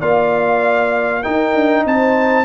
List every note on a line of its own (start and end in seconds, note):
0.00 1.24 A#3
0.00 1.24 F4
0.00 1.22 D5
0.00 1.23 F5
1.22 2.45 D#4
1.22 1.55 D#4
1.22 1.84 A#4
1.22 1.85 G5
1.55 1.85 D4
1.86 2.45 C4
1.86 2.45 C5
1.86 2.45 A5